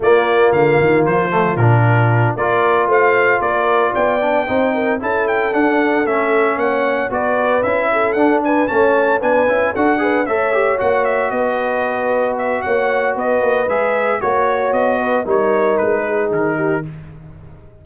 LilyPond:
<<
  \new Staff \with { instrumentName = "trumpet" } { \time 4/4 \tempo 4 = 114 d''4 f''4 c''4 ais'4~ | ais'8 d''4 f''4 d''4 g''8~ | g''4. a''8 g''8 fis''4 e''8~ | e''8 fis''4 d''4 e''4 fis''8 |
gis''8 a''4 gis''4 fis''4 e''8~ | e''8 fis''8 e''8 dis''2 e''8 | fis''4 dis''4 e''4 cis''4 | dis''4 cis''4 b'4 ais'4 | }
  \new Staff \with { instrumentName = "horn" } { \time 4/4 f'1~ | f'8 ais'4 c''4 ais'4 d''8~ | d''8 c''8 ais'8 a'2~ a'8~ | a'8 cis''4 b'4. a'4 |
b'8 cis''4 b'4 a'8 b'8 cis''8~ | cis''4. b'2~ b'8 | cis''4 b'2 cis''4~ | cis''8 b'8 ais'4. gis'4 g'8 | }
  \new Staff \with { instrumentName = "trombone" } { \time 4/4 ais2~ ais8 a8 d'4~ | d'8 f'2.~ f'8 | d'8 dis'4 e'4 d'4 cis'8~ | cis'4. fis'4 e'4 d'8~ |
d'8 cis'4 d'8 e'8 fis'8 gis'8 a'8 | g'8 fis'2.~ fis'8~ | fis'2 gis'4 fis'4~ | fis'4 dis'2. | }
  \new Staff \with { instrumentName = "tuba" } { \time 4/4 ais4 d8 dis8 f4 ais,4~ | ais,8 ais4 a4 ais4 b8~ | b8 c'4 cis'4 d'4 a8~ | a8 ais4 b4 cis'4 d'8~ |
d'8 a4 b8 cis'8 d'4 a8~ | a8 ais4 b2~ b8 | ais4 b8 ais8 gis4 ais4 | b4 g4 gis4 dis4 | }
>>